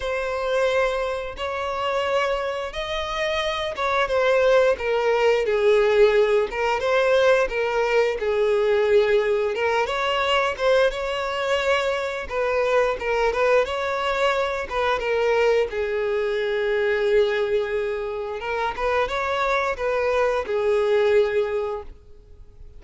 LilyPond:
\new Staff \with { instrumentName = "violin" } { \time 4/4 \tempo 4 = 88 c''2 cis''2 | dis''4. cis''8 c''4 ais'4 | gis'4. ais'8 c''4 ais'4 | gis'2 ais'8 cis''4 c''8 |
cis''2 b'4 ais'8 b'8 | cis''4. b'8 ais'4 gis'4~ | gis'2. ais'8 b'8 | cis''4 b'4 gis'2 | }